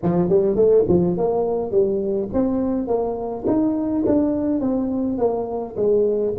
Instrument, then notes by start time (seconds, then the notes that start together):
tuba
0.02 F3
0.29 G3
0.55 A3
0.88 F3
1.17 A#3
1.71 G3
2.33 C4
2.87 A#3
3.46 D#4
4.06 D4
4.60 C4
5.17 A#3
5.76 G#3